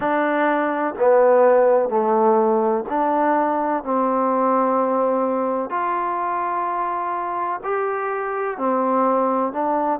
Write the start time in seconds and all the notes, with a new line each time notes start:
0.00 D4
0.98 B3
1.89 A3
2.89 D4
3.83 C4
5.70 F4
7.63 G4
8.57 C4
9.52 D4